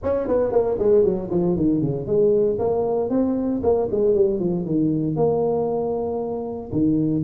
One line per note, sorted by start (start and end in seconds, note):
0.03 0.27 C#4
0.27 0.51 B3
0.51 0.77 A#3
0.79 1.04 G#3
1.04 1.30 F#3
1.30 1.56 F3
1.56 1.81 D#3
1.81 2.06 C#3
2.06 2.58 G#3
2.58 3.09 A#3
3.09 3.61 C4
3.63 3.89 A#3
3.91 4.14 G#3
4.14 4.39 G3
4.39 4.65 F3
4.65 5.15 D#3
5.15 6.71 A#3
6.72 7.23 D#3